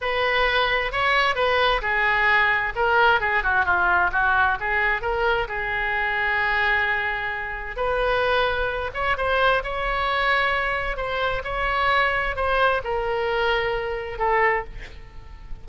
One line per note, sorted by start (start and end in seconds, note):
0.01 0.92 B4
0.92 1.35 C#5
1.35 1.81 B4
1.81 2.73 G#4
2.75 3.20 A#4
3.20 3.43 G#4
3.43 3.65 F#4
3.65 4.11 F4
4.12 4.58 F#4
4.59 5.01 G#4
5.01 5.47 A#4
5.48 7.76 G#4
7.76 8.91 B4
8.94 9.16 C#5
9.17 9.62 C5
9.63 10.96 C#5
10.96 11.42 C5
11.44 12.35 C#5
12.35 12.81 C5
12.84 14.18 A#4
14.18 14.64 A4